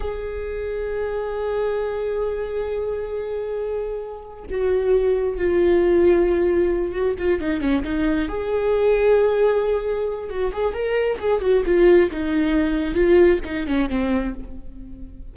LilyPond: \new Staff \with { instrumentName = "viola" } { \time 4/4 \tempo 4 = 134 gis'1~ | gis'1~ | gis'2 fis'2 | f'2.~ f'8 fis'8 |
f'8 dis'8 cis'8 dis'4 gis'4.~ | gis'2. fis'8 gis'8 | ais'4 gis'8 fis'8 f'4 dis'4~ | dis'4 f'4 dis'8 cis'8 c'4 | }